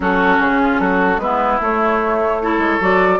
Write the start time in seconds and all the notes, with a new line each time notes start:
0.00 F#3 C#4 F#4 A4
0.40 C#3 G#4
0.61 F4
0.79 F#3 F#4 A4
1.17 G#3 B3 E4 B4
1.60 A3 C#5
2.42 E4 A4
2.58 G#3
2.80 F#3 F#4 D5